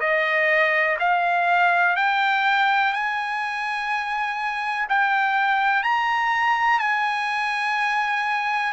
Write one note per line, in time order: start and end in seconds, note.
0.00 0.97 D#5
0.99 1.96 F5
1.96 2.93 G5
2.93 4.87 G#5
4.89 5.82 G5
5.82 6.79 A#5
6.79 8.72 G#5